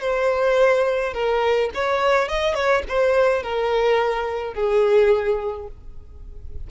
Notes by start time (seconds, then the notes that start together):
0.00 C5
1.13 A#4
1.74 C#5
2.28 D#5
2.54 C#5
2.88 C5
3.42 A#4
4.54 G#4